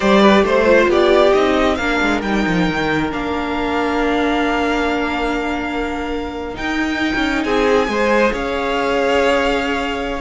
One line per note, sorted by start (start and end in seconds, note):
0.00 0.42 G3
0.00 0.65 G4
0.00 0.21 C5
0.00 0.44 D5
0.21 0.43 B4
0.42 0.87 A3
0.42 0.89 C5
0.42 0.91 C5
0.65 1.32 F4
0.87 1.32 B3
0.87 1.77 G4
0.87 1.32 D5
1.32 1.78 C4
1.32 1.78 D#4
1.32 1.75 D#5
1.75 2.00 A#3
1.75 2.23 D4
1.75 7.43 A#4
1.75 2.20 F5
2.01 2.22 G#3
2.21 2.45 G3
2.21 3.09 D#4
2.21 3.10 G5
2.46 2.68 F3
2.68 3.13 D#3
3.09 6.57 A#3
3.09 6.54 D4
3.09 6.56 F5
6.54 7.85 D#4
6.54 7.13 D#4
6.54 7.43 G5
7.15 7.44 C#4
7.43 7.87 C4
7.43 7.88 G#4
7.43 8.32 G#5
7.85 8.32 G#3
7.85 10.18 G#4
7.91 8.32 C5
8.32 10.21 C#4
8.32 10.21 C#5
8.32 10.21 F5